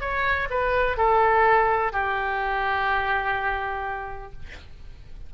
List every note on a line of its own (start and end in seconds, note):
0.00 0.48 C#5
0.50 0.97 B4
0.97 1.92 A4
1.92 4.32 G4